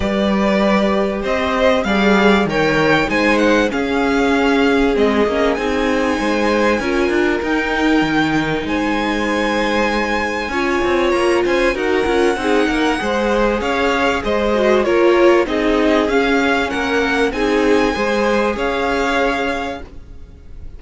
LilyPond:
<<
  \new Staff \with { instrumentName = "violin" } { \time 4/4 \tempo 4 = 97 d''2 dis''4 f''4 | g''4 gis''8 fis''8 f''2 | dis''4 gis''2. | g''2 gis''2~ |
gis''2 ais''8 gis''8 fis''4~ | fis''2 f''4 dis''4 | cis''4 dis''4 f''4 fis''4 | gis''2 f''2 | }
  \new Staff \with { instrumentName = "violin" } { \time 4/4 b'2 c''4 d''4 | cis''4 c''4 gis'2~ | gis'2 c''4 ais'4~ | ais'2 c''2~ |
c''4 cis''4. c''8 ais'4 | gis'8 ais'8 c''4 cis''4 c''4 | ais'4 gis'2 ais'4 | gis'4 c''4 cis''2 | }
  \new Staff \with { instrumentName = "viola" } { \time 4/4 g'2. gis'4 | ais'4 dis'4 cis'2 | c'8 cis'8 dis'2 f'4 | dis'1~ |
dis'4 f'2 fis'8 f'8 | dis'4 gis'2~ gis'8 fis'8 | f'4 dis'4 cis'2 | dis'4 gis'2. | }
  \new Staff \with { instrumentName = "cello" } { \time 4/4 g2 c'4 g4 | dis4 gis4 cis'2 | gis8 ais8 c'4 gis4 cis'8 d'8 | dis'4 dis4 gis2~ |
gis4 cis'8 c'8 ais8 cis'8 dis'8 cis'8 | c'8 ais8 gis4 cis'4 gis4 | ais4 c'4 cis'4 ais4 | c'4 gis4 cis'2 | }
>>